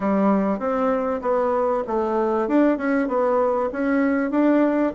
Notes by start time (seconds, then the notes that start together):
0.00 G3
0.59 C4
1.21 B3
1.87 A3
2.47 D4
2.77 C#4
3.08 B3
3.72 C#4
4.30 D4